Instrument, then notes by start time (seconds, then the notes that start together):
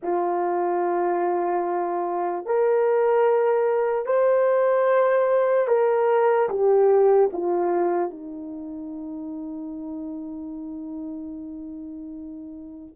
horn
0.02 F4
2.45 A#4
4.05 C5
5.68 A#4
6.49 G4
7.32 F4
8.10 D#4